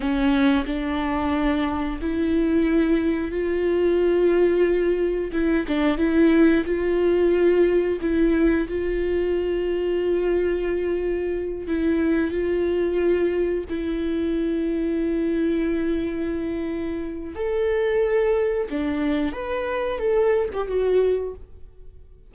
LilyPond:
\new Staff \with { instrumentName = "viola" } { \time 4/4 \tempo 4 = 90 cis'4 d'2 e'4~ | e'4 f'2. | e'8 d'8 e'4 f'2 | e'4 f'2.~ |
f'4. e'4 f'4.~ | f'8 e'2.~ e'8~ | e'2 a'2 | d'4 b'4 a'8. g'16 fis'4 | }